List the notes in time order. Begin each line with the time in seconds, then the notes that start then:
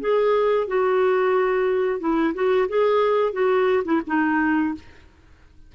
0.00 G#4
0.67 F#4
1.99 E4
2.34 F#4
2.68 G#4
3.32 F#4
3.84 E4
4.07 D#4